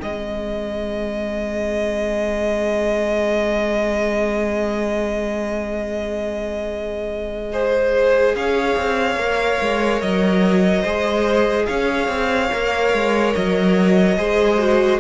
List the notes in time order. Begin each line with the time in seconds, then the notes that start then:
0.00 G#3 C4 G#4 D#5
7.52 G#4 C5
8.35 C#4 C#5 F5
8.77 C4
9.16 A#3 A#4
9.61 G#3
10.01 F#3 D#5
10.82 G#3 G#4 C5
11.66 C#4 C#5 F5
12.08 C4
12.52 A#3 A#4
12.93 G#3
13.34 F#3 D#5
14.17 G#3 G#4 C5
14.58 F#4